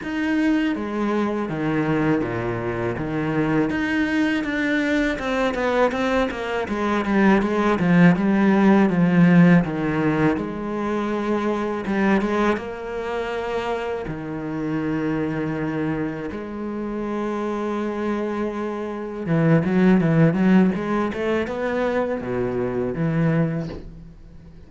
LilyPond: \new Staff \with { instrumentName = "cello" } { \time 4/4 \tempo 4 = 81 dis'4 gis4 dis4 ais,4 | dis4 dis'4 d'4 c'8 b8 | c'8 ais8 gis8 g8 gis8 f8 g4 | f4 dis4 gis2 |
g8 gis8 ais2 dis4~ | dis2 gis2~ | gis2 e8 fis8 e8 fis8 | gis8 a8 b4 b,4 e4 | }